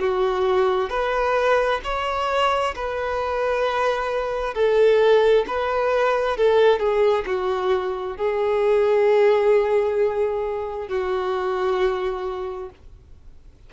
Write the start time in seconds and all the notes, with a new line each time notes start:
0.00 F#4
0.90 B4
1.84 C#5
2.76 B4
4.55 A4
5.48 B4
6.37 A4
6.79 G#4
7.26 F#4
8.17 G#4
10.88 F#4